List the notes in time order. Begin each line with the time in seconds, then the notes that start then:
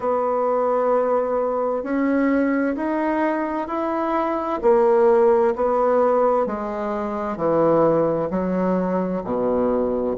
0.00 B3
1.83 C#4
2.76 D#4
3.67 E4
4.62 A#3
5.56 B3
6.46 G#3
7.36 E3
8.30 F#3
9.23 B2